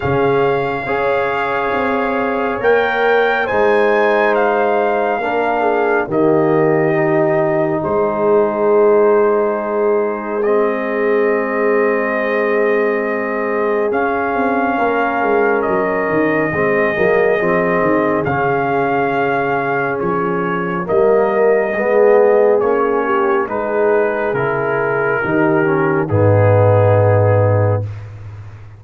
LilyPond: <<
  \new Staff \with { instrumentName = "trumpet" } { \time 4/4 \tempo 4 = 69 f''2. g''4 | gis''4 f''2 dis''4~ | dis''4 c''2. | dis''1 |
f''2 dis''2~ | dis''4 f''2 cis''4 | dis''2 cis''4 b'4 | ais'2 gis'2 | }
  \new Staff \with { instrumentName = "horn" } { \time 4/4 gis'4 cis''2. | c''2 ais'8 gis'8 g'4~ | g'4 gis'2.~ | gis'1~ |
gis'4 ais'2 gis'4~ | gis'1 | ais'4 gis'4. g'8 gis'4~ | gis'4 g'4 dis'2 | }
  \new Staff \with { instrumentName = "trombone" } { \time 4/4 cis'4 gis'2 ais'4 | dis'2 d'4 ais4 | dis'1 | c'1 |
cis'2. c'8 ais8 | c'4 cis'2. | ais4 b4 cis'4 dis'4 | e'4 dis'8 cis'8 b2 | }
  \new Staff \with { instrumentName = "tuba" } { \time 4/4 cis4 cis'4 c'4 ais4 | gis2 ais4 dis4~ | dis4 gis2.~ | gis1 |
cis'8 c'8 ais8 gis8 fis8 dis8 gis8 fis8 | f8 dis8 cis2 f4 | g4 gis4 ais4 gis4 | cis4 dis4 gis,2 | }
>>